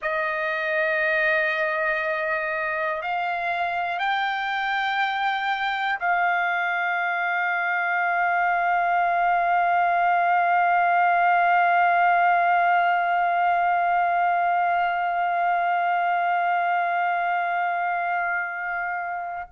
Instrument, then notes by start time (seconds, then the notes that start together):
trumpet
0.02 D#5
3.02 F5
3.99 G5
6.00 F5